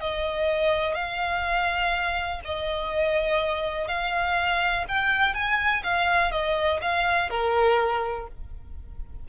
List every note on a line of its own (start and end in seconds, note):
0.00 0.94 D#5
0.94 2.41 F5
2.45 3.88 D#5
3.88 4.85 F5
4.88 5.34 G5
5.34 5.83 G#5
5.84 6.31 F5
6.31 6.80 D#5
6.81 7.30 F5
7.30 8.27 A#4